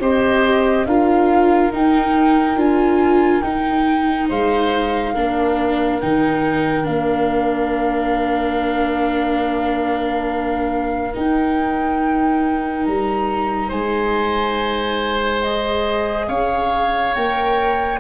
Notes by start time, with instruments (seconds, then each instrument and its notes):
0.00 tuba C4, viola G4, oboe C5, flute D#5
0.86 tuba D4, viola F4, oboe A#4, flute F5
1.72 tuba D#4, viola D#4, flute G5
2.56 tuba D4, viola F4, flute G#5
3.42 tuba D#4, viola D#4, flute G5
4.29 tuba G#3, oboe C5, flute F5
5.14 tuba A#3, viola D4, oboe A#4
6.00 tuba D#3, viola D#4, flute G5
6.84 tuba A#3, viola D4, flute F5
11.14 viola D#4, tuba D#4, flute G5
12.85 tuba G3, flute A#5
13.69 tuba G#3, oboe C5, flute G#5
15.42 viola G#4, flute D#5
16.28 tuba C#4, oboe C#5, flute F5
17.14 tuba A#3, viola A#4, flute G5